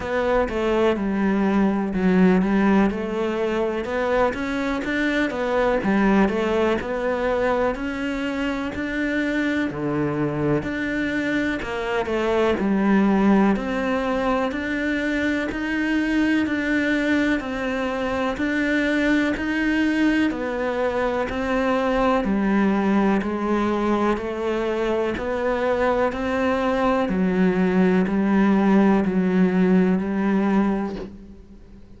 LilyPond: \new Staff \with { instrumentName = "cello" } { \time 4/4 \tempo 4 = 62 b8 a8 g4 fis8 g8 a4 | b8 cis'8 d'8 b8 g8 a8 b4 | cis'4 d'4 d4 d'4 | ais8 a8 g4 c'4 d'4 |
dis'4 d'4 c'4 d'4 | dis'4 b4 c'4 g4 | gis4 a4 b4 c'4 | fis4 g4 fis4 g4 | }